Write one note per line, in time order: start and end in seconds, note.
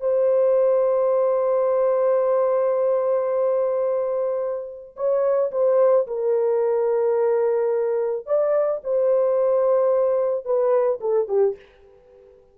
0.00 4.95 C5
4.96 5.51 C#5
5.51 6.06 C5
6.07 8.26 A#4
8.26 8.81 D5
8.84 10.45 C5
10.45 11.00 B4
11.01 11.28 A4
11.28 11.55 G4